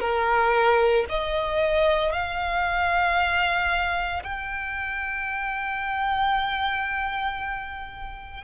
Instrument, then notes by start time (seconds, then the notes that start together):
violin
0.00 A#4
1.09 D#5
2.12 F5
4.23 G5